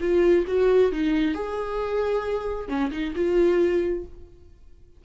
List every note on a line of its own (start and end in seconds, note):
0.00 0.45 F4
0.47 0.92 F#4
0.92 1.34 D#4
1.34 2.68 G#4
2.68 2.91 C#4
2.91 3.13 D#4
3.15 4.04 F4